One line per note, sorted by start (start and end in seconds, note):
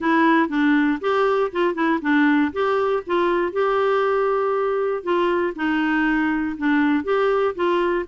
0.00 0.48 E4
0.48 0.99 D4
1.00 1.51 G4
1.52 1.74 F4
1.74 1.99 E4
2.01 2.52 D4
2.52 3.03 G4
3.06 3.52 F4
3.52 5.03 G4
5.03 5.53 F4
5.55 6.56 D#4
6.57 7.04 D4
7.04 7.54 G4
7.55 8.05 F4